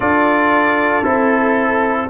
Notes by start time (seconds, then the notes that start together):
0.00 D4 F4 A4 D5
1.04 C4 E4 A4